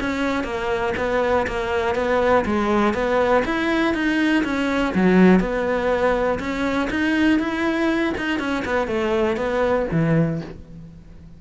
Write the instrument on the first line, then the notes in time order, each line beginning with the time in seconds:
cello
0.00 C#4
0.44 A#3
0.97 B3
1.47 A#3
1.95 B3
2.45 G#3
2.93 B3
3.45 E4
3.94 D#4
4.44 C#4
4.95 F#3
5.40 B3
6.39 C#4
6.90 D#4
7.39 E4
8.17 D#4
8.39 C#4
8.65 B3
8.87 A3
9.36 B3
9.91 E3